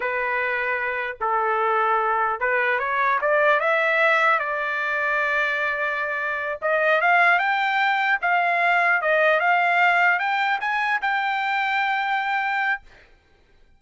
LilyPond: \new Staff \with { instrumentName = "trumpet" } { \time 4/4 \tempo 4 = 150 b'2. a'4~ | a'2 b'4 cis''4 | d''4 e''2 d''4~ | d''1~ |
d''8 dis''4 f''4 g''4.~ | g''8 f''2 dis''4 f''8~ | f''4. g''4 gis''4 g''8~ | g''1 | }